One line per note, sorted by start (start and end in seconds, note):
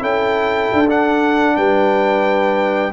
0.00 0.70 C#4
0.00 0.85 E4
0.00 1.55 A4
0.00 0.89 G5
0.73 1.57 D4
0.89 2.93 D4
0.89 1.57 F#5
1.57 2.93 G3
1.57 2.93 B4
1.57 2.93 G5